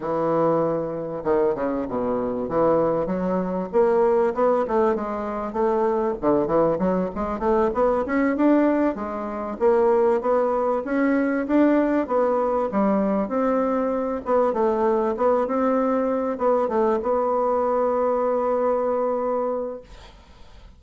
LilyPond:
\new Staff \with { instrumentName = "bassoon" } { \time 4/4 \tempo 4 = 97 e2 dis8 cis8 b,4 | e4 fis4 ais4 b8 a8 | gis4 a4 d8 e8 fis8 gis8 | a8 b8 cis'8 d'4 gis4 ais8~ |
ais8 b4 cis'4 d'4 b8~ | b8 g4 c'4. b8 a8~ | a8 b8 c'4. b8 a8 b8~ | b1 | }